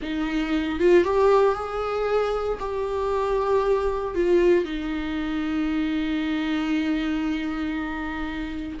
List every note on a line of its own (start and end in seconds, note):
0.02 0.79 D#4
0.79 1.03 F4
1.03 1.54 G4
1.54 2.58 G#4
2.59 4.14 G4
4.14 4.65 F4
4.65 8.78 D#4